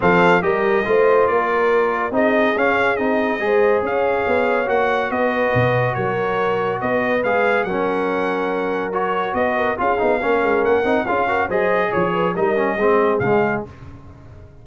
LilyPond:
<<
  \new Staff \with { instrumentName = "trumpet" } { \time 4/4 \tempo 4 = 141 f''4 dis''2 d''4~ | d''4 dis''4 f''4 dis''4~ | dis''4 f''2 fis''4 | dis''2 cis''2 |
dis''4 f''4 fis''2~ | fis''4 cis''4 dis''4 f''4~ | f''4 fis''4 f''4 dis''4 | cis''4 dis''2 f''4 | }
  \new Staff \with { instrumentName = "horn" } { \time 4/4 a'4 ais'4 c''4 ais'4~ | ais'4 gis'2. | c''4 cis''2. | b'2 ais'2 |
b'2 ais'2~ | ais'2 b'8 ais'8 gis'4 | ais'2 gis'8 ais'8 c''4 | cis''8 b'8 ais'4 gis'2 | }
  \new Staff \with { instrumentName = "trombone" } { \time 4/4 c'4 g'4 f'2~ | f'4 dis'4 cis'4 dis'4 | gis'2. fis'4~ | fis'1~ |
fis'4 gis'4 cis'2~ | cis'4 fis'2 f'8 dis'8 | cis'4. dis'8 f'8 fis'8 gis'4~ | gis'4 dis'8 cis'8 c'4 gis4 | }
  \new Staff \with { instrumentName = "tuba" } { \time 4/4 f4 g4 a4 ais4~ | ais4 c'4 cis'4 c'4 | gis4 cis'4 b4 ais4 | b4 b,4 fis2 |
b4 gis4 fis2~ | fis2 b4 cis'8 b8 | ais8 gis8 ais8 c'8 cis'4 fis4 | f4 g4 gis4 cis4 | }
>>